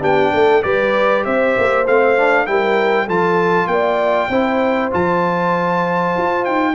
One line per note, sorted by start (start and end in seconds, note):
0.00 0.32 B3
0.00 0.62 D4
0.00 0.31 G4
0.00 0.63 G5
0.33 0.64 A3
0.33 0.64 A4
0.63 1.25 G3
0.63 1.85 G4
0.63 1.25 B4
0.63 1.24 D5
1.24 1.56 C4
1.24 2.48 C5
1.24 1.86 E5
1.58 1.87 A#3
1.87 2.48 A3
1.87 2.17 C4
1.87 2.46 F5
2.17 2.46 D4
2.46 3.08 G3
2.46 3.07 E4
2.46 3.05 A#4
2.46 3.08 G5
3.05 3.67 F3
3.05 4.30 F4
3.05 3.67 A4
3.05 3.67 A5
3.67 4.28 A#3
3.67 4.29 D5
3.67 4.90 G5
4.29 4.90 C4
4.29 4.91 E4
4.29 6.74 C5
4.91 6.16 F3
4.91 6.74 F4
4.91 6.45 A5
6.17 6.47 F4
6.45 6.74 D#4
6.45 6.74 G5